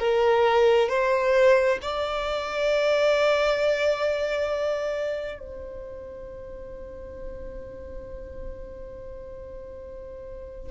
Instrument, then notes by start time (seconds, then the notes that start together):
violin
0.00 A#4
0.90 C5
1.82 D5
5.39 C5